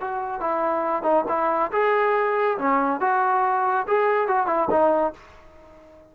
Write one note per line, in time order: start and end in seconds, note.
0.00 0.40 F#4
0.40 1.02 E4
1.02 1.24 D#4
1.28 1.71 E4
1.72 2.57 G#4
2.58 3.00 C#4
3.00 3.86 F#4
3.87 4.27 G#4
4.27 4.47 F#4
4.47 4.68 E4
4.70 5.13 D#4